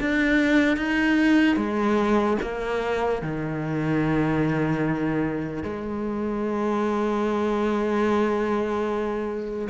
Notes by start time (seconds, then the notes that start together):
0.00 D4
0.76 D#4
1.56 G#3
2.42 A#3
3.21 D#3
5.63 G#3